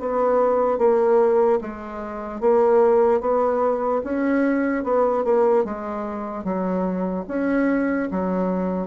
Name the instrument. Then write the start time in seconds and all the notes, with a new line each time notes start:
bassoon
0.00 B3
0.79 A#3
1.61 G#3
2.41 A#3
3.21 B3
4.04 C#4
4.84 B3
5.24 A#3
5.65 G#3
6.44 F#3
7.28 C#4
8.11 F#3